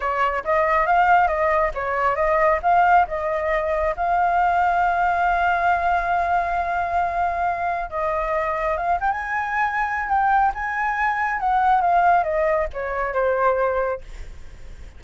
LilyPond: \new Staff \with { instrumentName = "flute" } { \time 4/4 \tempo 4 = 137 cis''4 dis''4 f''4 dis''4 | cis''4 dis''4 f''4 dis''4~ | dis''4 f''2.~ | f''1~ |
f''2 dis''2 | f''8 g''16 gis''2~ gis''16 g''4 | gis''2 fis''4 f''4 | dis''4 cis''4 c''2 | }